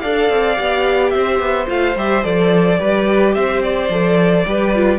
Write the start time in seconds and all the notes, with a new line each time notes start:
0.00 D4 A4 D5 F5
0.30 C4
0.55 B3 G4
1.10 C4 C5 E5
1.39 B3
1.67 A3 F4 F5
1.96 G3 G4 E5
2.24 F3 A4 D5
2.78 G3 G4 B4
3.34 C4 C5 E5
3.63 D5
3.89 F3 A4
4.47 G3 G4 B4
4.75 F4